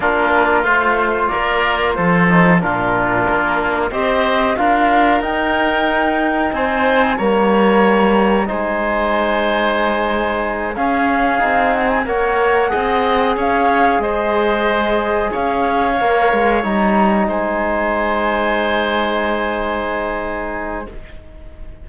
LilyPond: <<
  \new Staff \with { instrumentName = "flute" } { \time 4/4 \tempo 4 = 92 ais'4 c''4 d''4 c''4 | ais'2 dis''4 f''4 | g''2 gis''4 ais''4~ | ais''4 gis''2.~ |
gis''8 f''4. fis''16 gis''16 fis''4.~ | fis''8 f''4 dis''2 f''8~ | f''4. ais''4 gis''4.~ | gis''1 | }
  \new Staff \with { instrumentName = "oboe" } { \time 4/4 f'2 ais'4 a'4 | f'2 c''4 ais'4~ | ais'2 c''4 cis''4~ | cis''4 c''2.~ |
c''8 gis'2 cis''4 dis''8~ | dis''8 cis''4 c''2 cis''8~ | cis''2~ cis''8 c''4.~ | c''1 | }
  \new Staff \with { instrumentName = "trombone" } { \time 4/4 d'4 f'2~ f'8 dis'8 | d'2 g'4 f'4 | dis'2. ais4~ | ais4 dis'2.~ |
dis'8 cis'4 dis'4 ais'4 gis'8~ | gis'1~ | gis'8 ais'4 dis'2~ dis'8~ | dis'1 | }
  \new Staff \with { instrumentName = "cello" } { \time 4/4 ais4 a4 ais4 f4 | ais,4 ais4 c'4 d'4 | dis'2 c'4 g4~ | g4 gis2.~ |
gis8 cis'4 c'4 ais4 c'8~ | c'8 cis'4 gis2 cis'8~ | cis'8 ais8 gis8 g4 gis4.~ | gis1 | }
>>